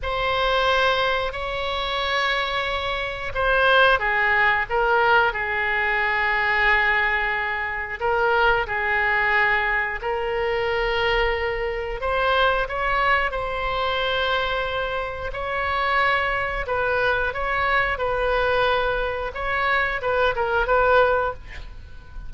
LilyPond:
\new Staff \with { instrumentName = "oboe" } { \time 4/4 \tempo 4 = 90 c''2 cis''2~ | cis''4 c''4 gis'4 ais'4 | gis'1 | ais'4 gis'2 ais'4~ |
ais'2 c''4 cis''4 | c''2. cis''4~ | cis''4 b'4 cis''4 b'4~ | b'4 cis''4 b'8 ais'8 b'4 | }